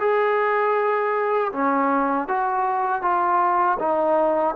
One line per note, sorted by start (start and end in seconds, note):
0.00 1.52 G#4
1.52 2.28 C#4
2.28 3.02 F#4
3.02 3.78 F4
3.79 4.55 D#4